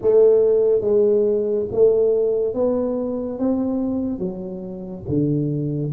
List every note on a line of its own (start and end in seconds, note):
0.01 0.81 A3
0.81 1.65 G#3
1.72 2.54 A3
2.54 3.38 B3
3.38 4.18 C4
4.18 5.03 F#3
5.08 5.92 D3